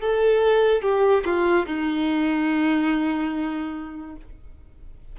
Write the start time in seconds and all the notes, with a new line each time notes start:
0.00 A4
0.81 G4
1.25 F4
1.66 D#4